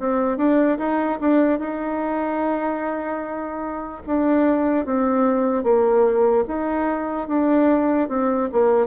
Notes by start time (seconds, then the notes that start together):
0.00 C4
0.38 D4
0.79 D#4
1.21 D4
1.59 D#4
4.07 D4
4.85 C4
5.64 A#3
6.48 D#4
7.28 D4
8.09 C4
8.52 A#3